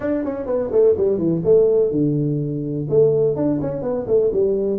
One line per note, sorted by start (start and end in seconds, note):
0.00 0.24 D4
0.24 0.46 C#4
0.46 0.70 B3
0.71 0.95 A3
0.97 1.18 G3
1.18 1.42 E3
1.44 1.91 A3
1.91 2.87 D3
2.89 3.36 A3
3.36 3.60 D4
3.61 3.82 C#4
3.82 4.06 B3
4.07 4.31 A3
4.32 4.79 G3